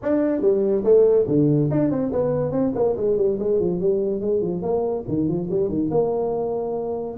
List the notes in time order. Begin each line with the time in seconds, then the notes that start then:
0.02 D4
0.41 G3
0.83 A3
1.27 D3
1.70 D4
1.90 C4
2.12 B3
2.51 C4
2.74 A#3
2.96 G#3
3.17 G3
3.39 G#3
3.59 F3
3.80 G3
4.20 G#3
4.41 F3
4.62 A#3
5.08 D#3
5.28 F3
5.50 G3
5.68 D#3
5.91 A#3